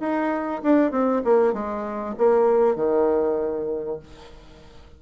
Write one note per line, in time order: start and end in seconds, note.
0.00 0.62 D#4
0.63 0.91 D4
0.91 1.22 C4
1.25 1.54 A#3
1.54 2.15 G#3
2.18 2.76 A#3
2.76 4.00 D#3